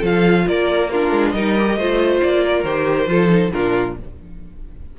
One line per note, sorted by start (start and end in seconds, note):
0.00 0.46 F3
0.00 0.89 F4
0.00 0.44 A4
0.00 0.48 F5
0.47 1.12 A#3
0.47 0.92 A#4
0.47 0.90 D5
0.90 1.37 D4
0.90 1.34 F4
0.90 1.31 A#4
1.12 1.33 G#3
1.31 1.77 G3
1.31 1.58 D#4
1.31 1.78 A#4
1.31 2.19 D#5
1.58 1.80 G4
1.77 2.21 A3
1.77 2.66 F4
1.77 2.44 C5
2.22 2.64 A#3
2.22 2.64 D5
2.44 3.10 A#4
2.64 3.07 D#3
2.64 3.07 G4
2.64 3.52 C5
3.07 3.51 F3
3.07 3.29 F4
3.07 3.53 A4
3.29 3.51 D#4
3.53 3.99 A#2
3.53 3.98 D4
3.53 3.97 F4
3.53 3.96 A#4